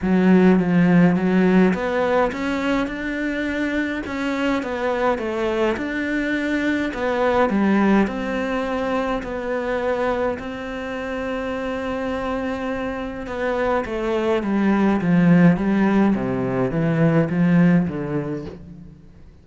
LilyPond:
\new Staff \with { instrumentName = "cello" } { \time 4/4 \tempo 4 = 104 fis4 f4 fis4 b4 | cis'4 d'2 cis'4 | b4 a4 d'2 | b4 g4 c'2 |
b2 c'2~ | c'2. b4 | a4 g4 f4 g4 | c4 e4 f4 d4 | }